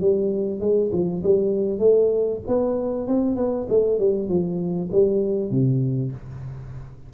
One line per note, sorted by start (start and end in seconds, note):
0.00 0.60 G3
0.60 0.90 G#3
0.92 1.23 F3
1.24 1.79 G3
1.79 2.40 A3
2.47 3.08 B3
3.08 3.36 C4
3.36 3.67 B3
3.69 3.99 A3
3.99 4.29 G3
4.29 4.90 F3
4.92 5.50 G3
5.50 6.12 C3